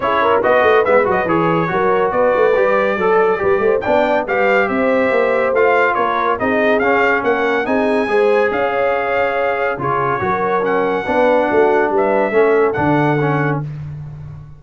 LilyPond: <<
  \new Staff \with { instrumentName = "trumpet" } { \time 4/4 \tempo 4 = 141 cis''4 dis''4 e''8 dis''8 cis''4~ | cis''4 d''2.~ | d''4 g''4 f''4 e''4~ | e''4 f''4 cis''4 dis''4 |
f''4 fis''4 gis''2 | f''2. cis''4~ | cis''4 fis''2. | e''2 fis''2 | }
  \new Staff \with { instrumentName = "horn" } { \time 4/4 gis'8 ais'8 b'2. | ais'4 b'2 a'4 | b'8 c''8 d''4 b'4 c''4~ | c''2 ais'4 gis'4~ |
gis'4 ais'4 gis'4 c''4 | cis''2. gis'4 | ais'2 b'4 fis'4 | b'4 a'2. | }
  \new Staff \with { instrumentName = "trombone" } { \time 4/4 e'4 fis'4 b8 fis'8 gis'4 | fis'2 g'4 a'4 | g'4 d'4 g'2~ | g'4 f'2 dis'4 |
cis'2 dis'4 gis'4~ | gis'2. f'4 | fis'4 cis'4 d'2~ | d'4 cis'4 d'4 cis'4 | }
  \new Staff \with { instrumentName = "tuba" } { \time 4/4 cis'4 b8 a8 gis8 fis8 e4 | fis4 b8 a8 g4 fis4 | g8 a8 b4 g4 c'4 | ais4 a4 ais4 c'4 |
cis'4 ais4 c'4 gis4 | cis'2. cis4 | fis2 b4 a4 | g4 a4 d2 | }
>>